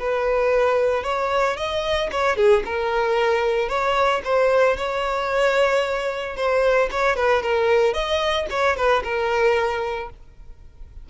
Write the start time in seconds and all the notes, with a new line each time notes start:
0.00 B4
1.04 C#5
1.57 D#5
2.12 C#5
2.37 G#4
2.65 A#4
3.69 C#5
4.25 C5
4.77 C#5
6.37 C5
6.91 C#5
7.16 B4
7.43 A#4
7.94 D#5
8.50 C#5
8.77 B4
9.04 A#4